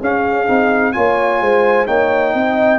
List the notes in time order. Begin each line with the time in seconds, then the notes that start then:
0.00 C#4 G#4 F5
0.47 C4 D#4
0.92 A#3 F4 C#5 G#5
1.40 G#3 C5
1.86 A#3 D#4 C#5 G5
2.34 C4 D#5